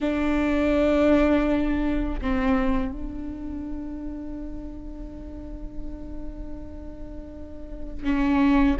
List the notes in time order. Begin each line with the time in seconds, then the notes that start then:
0.00 D4
2.21 C4
2.92 D4
8.04 C#4